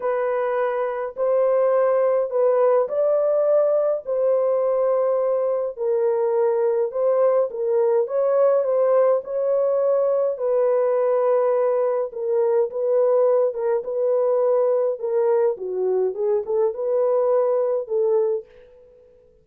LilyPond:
\new Staff \with { instrumentName = "horn" } { \time 4/4 \tempo 4 = 104 b'2 c''2 | b'4 d''2 c''4~ | c''2 ais'2 | c''4 ais'4 cis''4 c''4 |
cis''2 b'2~ | b'4 ais'4 b'4. ais'8 | b'2 ais'4 fis'4 | gis'8 a'8 b'2 a'4 | }